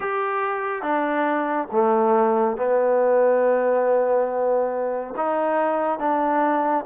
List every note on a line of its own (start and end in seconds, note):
0.00 0.82 G4
0.82 1.68 D4
1.71 2.57 A3
2.57 5.14 B3
5.17 5.99 D#4
5.99 6.85 D4